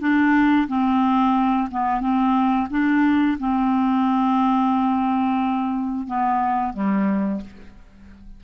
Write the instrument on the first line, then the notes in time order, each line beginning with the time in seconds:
clarinet
0.00 D4
0.68 C4
1.71 B3
2.01 C4
2.70 D4
3.39 C4
6.07 B3
6.74 G3